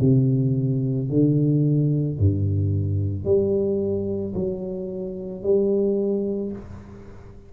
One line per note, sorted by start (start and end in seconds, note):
0.00 1.09 C3
1.10 2.18 D3
2.18 3.24 G2
3.24 4.33 G3
4.34 5.43 F#3
5.43 6.52 G3